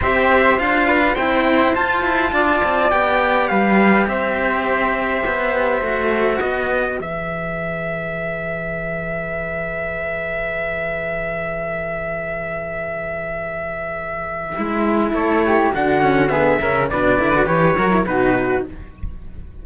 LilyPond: <<
  \new Staff \with { instrumentName = "trumpet" } { \time 4/4 \tempo 4 = 103 e''4 f''4 g''4 a''4~ | a''4 g''4 f''4 e''4~ | e''2. dis''4 | e''1~ |
e''1~ | e''1~ | e''2 cis''4 fis''4 | e''4 d''4 cis''4 b'4 | }
  \new Staff \with { instrumentName = "flute" } { \time 4/4 c''4. b'8 c''2 | d''2 b'4 c''4~ | c''2. b'4~ | b'1~ |
b'1~ | b'1~ | b'2 a'8 g'8 fis'4 | gis'8 ais'8 b'4. ais'8 fis'4 | }
  \new Staff \with { instrumentName = "cello" } { \time 4/4 g'4 f'4 e'4 f'4~ | f'4 g'2.~ | g'2 fis'2 | gis'1~ |
gis'1~ | gis'1~ | gis'4 e'2 d'8 cis'8 | b8 cis'8 d'8 e'16 fis'16 g'8 fis'16 e'16 dis'4 | }
  \new Staff \with { instrumentName = "cello" } { \time 4/4 c'4 d'4 c'4 f'8 e'8 | d'8 c'8 b4 g4 c'4~ | c'4 b4 a4 b4 | e1~ |
e1~ | e1~ | e4 gis4 a4 d4~ | d8 cis8 b,8 d8 e8 fis8 b,4 | }
>>